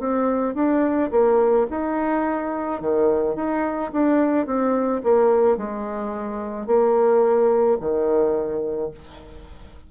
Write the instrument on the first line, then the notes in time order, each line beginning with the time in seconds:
bassoon
0.00 C4
0.55 D4
1.12 A#3
1.71 D#4
2.81 D#3
3.36 D#4
3.93 D4
4.46 C4
5.04 A#3
5.58 G#3
6.67 A#3
7.80 D#3